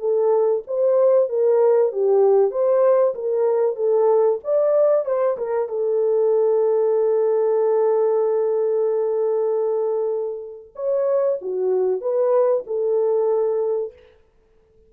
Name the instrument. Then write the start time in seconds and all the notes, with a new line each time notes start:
horn
0.00 A4
0.67 C5
1.29 A#4
1.93 G4
2.51 C5
3.15 A#4
3.76 A4
4.44 D5
5.06 C5
5.38 A#4
5.69 A4
10.76 C#5
11.42 F#4
12.01 B4
12.67 A4